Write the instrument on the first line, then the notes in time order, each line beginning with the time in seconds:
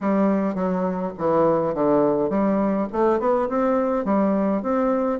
bassoon
0.01 G3
0.54 F#3
1.18 E3
1.74 D3
2.29 G3
2.92 A3
3.19 B3
3.48 C4
4.04 G3
4.62 C4